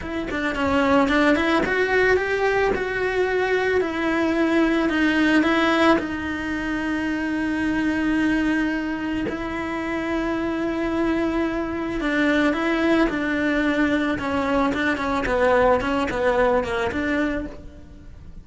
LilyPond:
\new Staff \with { instrumentName = "cello" } { \time 4/4 \tempo 4 = 110 e'8 d'8 cis'4 d'8 e'8 fis'4 | g'4 fis'2 e'4~ | e'4 dis'4 e'4 dis'4~ | dis'1~ |
dis'4 e'2.~ | e'2 d'4 e'4 | d'2 cis'4 d'8 cis'8 | b4 cis'8 b4 ais8 d'4 | }